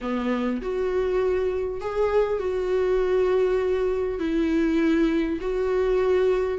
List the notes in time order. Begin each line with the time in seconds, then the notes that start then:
0.01 B3
0.61 F#4
1.81 G#4
2.39 F#4
4.19 E4
5.41 F#4